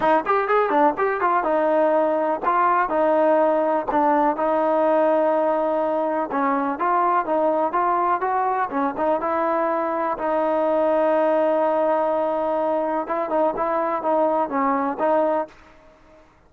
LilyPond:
\new Staff \with { instrumentName = "trombone" } { \time 4/4 \tempo 4 = 124 dis'8 g'8 gis'8 d'8 g'8 f'8 dis'4~ | dis'4 f'4 dis'2 | d'4 dis'2.~ | dis'4 cis'4 f'4 dis'4 |
f'4 fis'4 cis'8 dis'8 e'4~ | e'4 dis'2.~ | dis'2. e'8 dis'8 | e'4 dis'4 cis'4 dis'4 | }